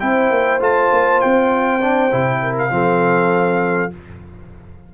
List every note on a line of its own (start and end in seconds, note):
0.00 0.30 C4
0.00 0.60 E4
0.00 2.42 C5
0.00 0.60 G5
0.30 0.60 A#3
0.60 0.90 A3
0.60 1.80 F4
0.60 1.21 A5
0.92 1.22 A#3
1.21 2.13 C4
1.21 2.56 G5
1.80 2.10 D4
2.11 2.71 C3
2.11 2.70 E4
2.42 2.72 A#4
2.58 3.93 F5
2.70 3.91 F3
2.70 3.90 C4
2.70 3.94 A4